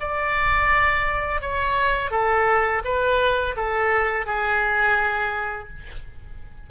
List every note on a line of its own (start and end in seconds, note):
0.00 1.41 D5
1.41 2.11 C#5
2.11 2.82 A4
2.84 3.56 B4
3.56 4.26 A4
4.26 5.69 G#4